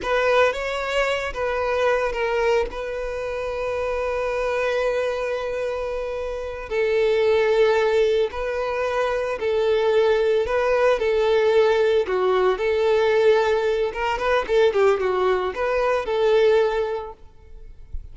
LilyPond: \new Staff \with { instrumentName = "violin" } { \time 4/4 \tempo 4 = 112 b'4 cis''4. b'4. | ais'4 b'2.~ | b'1~ | b'8 a'2. b'8~ |
b'4. a'2 b'8~ | b'8 a'2 fis'4 a'8~ | a'2 ais'8 b'8 a'8 g'8 | fis'4 b'4 a'2 | }